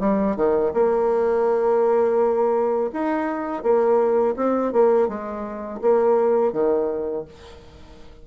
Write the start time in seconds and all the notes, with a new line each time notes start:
0.00 G3
0.36 D#3
0.74 A#3
2.93 D#4
3.63 A#3
4.37 C4
4.73 A#3
5.08 G#3
5.82 A#3
6.53 D#3